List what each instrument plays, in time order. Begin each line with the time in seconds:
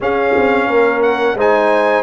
0.00 trombone C#4, tuba C#4, horn G#4, trumpet F5
0.36 tuba C4
0.66 tuba A#3, horn A#4
1.02 trumpet F#5
1.34 tuba G#3, trombone D#4, horn C5, trumpet G#5